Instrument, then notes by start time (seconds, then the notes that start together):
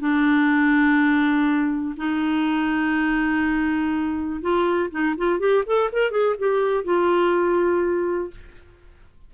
clarinet
0.00 D4
1.97 D#4
4.41 F4
4.91 D#4
5.18 F4
5.39 G4
5.66 A4
5.92 A#4
6.11 G#4
6.39 G4
6.84 F4